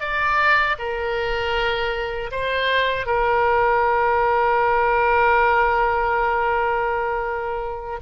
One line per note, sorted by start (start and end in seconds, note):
0.00 0.76 D5
0.78 2.30 A#4
2.31 3.06 C5
3.06 8.00 A#4